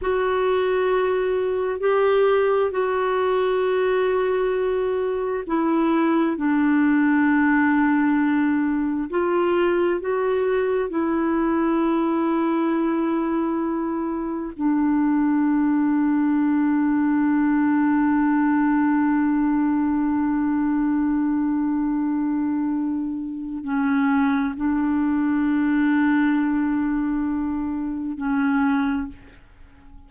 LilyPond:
\new Staff \with { instrumentName = "clarinet" } { \time 4/4 \tempo 4 = 66 fis'2 g'4 fis'4~ | fis'2 e'4 d'4~ | d'2 f'4 fis'4 | e'1 |
d'1~ | d'1~ | d'2 cis'4 d'4~ | d'2. cis'4 | }